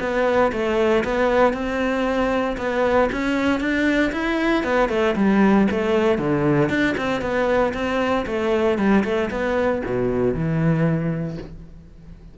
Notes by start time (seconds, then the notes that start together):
0.00 B3
0.52 A3
1.04 B3
1.53 C4
2.57 B3
3.12 C#4
3.60 D4
4.12 E4
4.64 B3
4.89 A3
5.16 G3
5.71 A3
6.18 D3
6.69 D4
6.98 C4
7.21 B3
7.74 C4
8.26 A3
8.78 G3
9.04 A3
9.31 B3
9.85 B2
10.34 E3